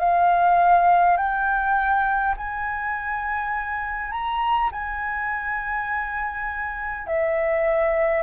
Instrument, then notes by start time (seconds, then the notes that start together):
flute
0.00 F5
1.18 G5
2.37 G#5
4.12 A#5
4.72 G#5
7.07 E5